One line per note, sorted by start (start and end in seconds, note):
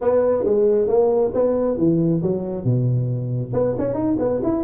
0.01 0.44 B3
0.44 0.87 G#3
0.87 1.31 A#3
1.34 1.77 B3
1.77 2.21 E3
2.22 2.64 F#3
2.64 3.52 B2
3.53 3.75 B3
3.78 3.94 C#4
3.94 4.16 D#4
4.19 4.41 B3
4.43 4.63 E4